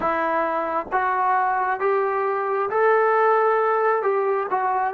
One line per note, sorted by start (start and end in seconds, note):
0.00 0.86 E4
0.92 1.80 F#4
1.80 2.69 G4
2.69 4.02 A4
4.02 4.47 G4
4.50 4.94 F#4